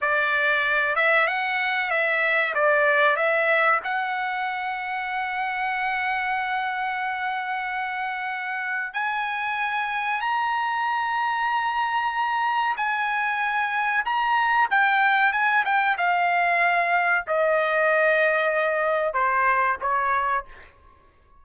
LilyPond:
\new Staff \with { instrumentName = "trumpet" } { \time 4/4 \tempo 4 = 94 d''4. e''8 fis''4 e''4 | d''4 e''4 fis''2~ | fis''1~ | fis''2 gis''2 |
ais''1 | gis''2 ais''4 g''4 | gis''8 g''8 f''2 dis''4~ | dis''2 c''4 cis''4 | }